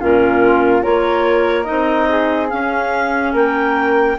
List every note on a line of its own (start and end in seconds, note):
0.00 0.86 A#2
0.00 0.82 C#4
0.00 0.83 F4
0.00 0.84 A#4
0.82 1.69 A#3
0.82 1.65 F4
0.82 2.08 A#4
0.82 1.64 C#5
1.64 2.53 C4
1.64 2.48 D#4
1.64 2.47 D#5
2.09 3.33 G#4
2.50 4.18 C#4
2.50 3.34 C#4
2.50 3.33 F5
3.33 4.17 A#3
3.33 4.17 A#4
3.33 4.19 G5